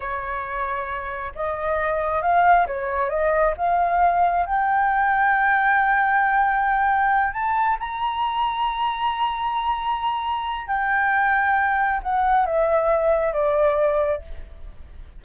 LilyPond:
\new Staff \with { instrumentName = "flute" } { \time 4/4 \tempo 4 = 135 cis''2. dis''4~ | dis''4 f''4 cis''4 dis''4 | f''2 g''2~ | g''1~ |
g''8 a''4 ais''2~ ais''8~ | ais''1 | g''2. fis''4 | e''2 d''2 | }